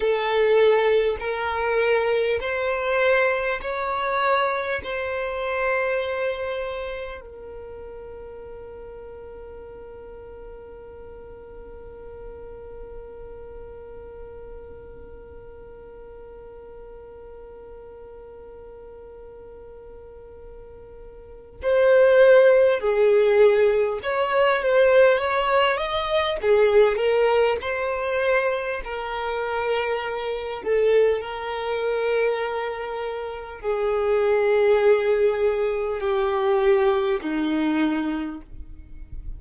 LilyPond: \new Staff \with { instrumentName = "violin" } { \time 4/4 \tempo 4 = 50 a'4 ais'4 c''4 cis''4 | c''2 ais'2~ | ais'1~ | ais'1~ |
ais'2 c''4 gis'4 | cis''8 c''8 cis''8 dis''8 gis'8 ais'8 c''4 | ais'4. a'8 ais'2 | gis'2 g'4 dis'4 | }